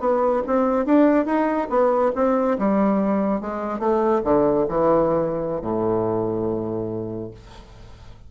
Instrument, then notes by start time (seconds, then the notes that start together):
bassoon
0.00 B3
0.46 C4
0.85 D4
1.25 D#4
1.69 B3
2.15 C4
2.59 G3
3.41 G#3
3.79 A3
4.24 D3
4.68 E3
5.62 A2